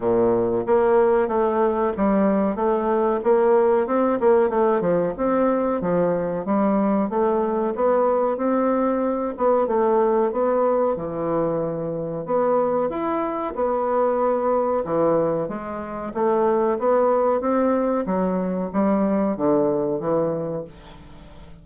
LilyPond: \new Staff \with { instrumentName = "bassoon" } { \time 4/4 \tempo 4 = 93 ais,4 ais4 a4 g4 | a4 ais4 c'8 ais8 a8 f8 | c'4 f4 g4 a4 | b4 c'4. b8 a4 |
b4 e2 b4 | e'4 b2 e4 | gis4 a4 b4 c'4 | fis4 g4 d4 e4 | }